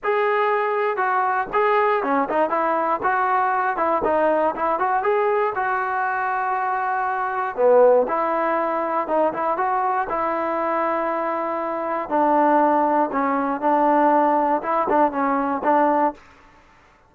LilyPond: \new Staff \with { instrumentName = "trombone" } { \time 4/4 \tempo 4 = 119 gis'2 fis'4 gis'4 | cis'8 dis'8 e'4 fis'4. e'8 | dis'4 e'8 fis'8 gis'4 fis'4~ | fis'2. b4 |
e'2 dis'8 e'8 fis'4 | e'1 | d'2 cis'4 d'4~ | d'4 e'8 d'8 cis'4 d'4 | }